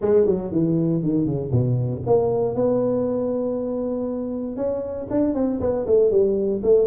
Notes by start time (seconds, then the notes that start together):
0.01 G#3
0.26 F#3
0.51 E3
1.02 D#3
1.25 C#3
1.51 B2
2.06 A#3
2.54 B3
4.56 C#4
5.10 D4
5.34 C4
5.60 B3
5.86 A3
6.10 G3
6.63 A3